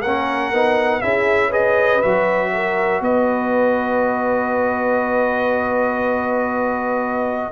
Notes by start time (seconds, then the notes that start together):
0.00 A#3 C#4 A#4 F#5
0.53 B3 D#4
1.01 C#4 E4 G#4 E5
1.49 G#4 B4 D#5
2.02 F#3 F#4 E5
2.53 A#4
3.01 B3 B4 D#5